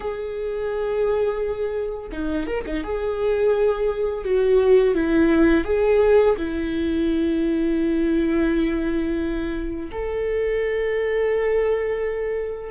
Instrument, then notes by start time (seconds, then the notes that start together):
viola
0.00 G#4
2.11 D#4
2.46 A#4
2.66 D#4
2.83 G#4
4.24 F#4
4.94 E4
5.64 G#4
6.37 E4
9.91 A4